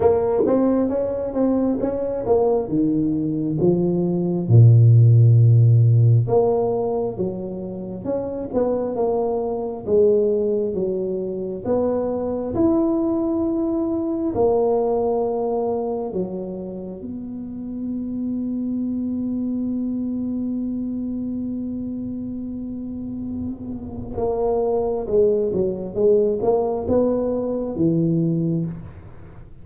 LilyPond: \new Staff \with { instrumentName = "tuba" } { \time 4/4 \tempo 4 = 67 ais8 c'8 cis'8 c'8 cis'8 ais8 dis4 | f4 ais,2 ais4 | fis4 cis'8 b8 ais4 gis4 | fis4 b4 e'2 |
ais2 fis4 b4~ | b1~ | b2. ais4 | gis8 fis8 gis8 ais8 b4 e4 | }